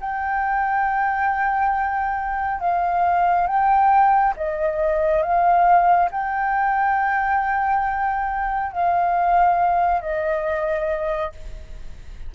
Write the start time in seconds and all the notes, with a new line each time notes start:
0.00 G5
2.60 F5
3.47 G5
4.36 D#5
5.22 F5
6.11 G5
8.72 F5
10.01 D#5